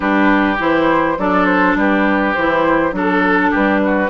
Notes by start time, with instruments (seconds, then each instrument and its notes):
0.00 bassoon G3, clarinet D4, oboe G4, flute B4
0.58 bassoon E3, clarinet E4, flute C5
1.18 bassoon F#3, clarinet D4, oboe A4, flute D5
1.45 flute C5
1.75 bassoon G3, oboe G4, flute B4
2.34 bassoon E3, clarinet E4, flute C5
2.92 bassoon F#3, clarinet D4, oboe A4, flute A4
3.50 bassoon G3, oboe G4, flute B4
3.85 oboe F#4